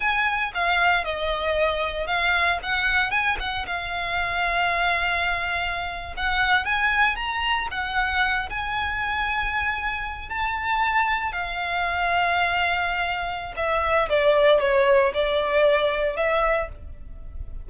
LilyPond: \new Staff \with { instrumentName = "violin" } { \time 4/4 \tempo 4 = 115 gis''4 f''4 dis''2 | f''4 fis''4 gis''8 fis''8 f''4~ | f''2.~ f''8. fis''16~ | fis''8. gis''4 ais''4 fis''4~ fis''16~ |
fis''16 gis''2.~ gis''8 a''16~ | a''4.~ a''16 f''2~ f''16~ | f''2 e''4 d''4 | cis''4 d''2 e''4 | }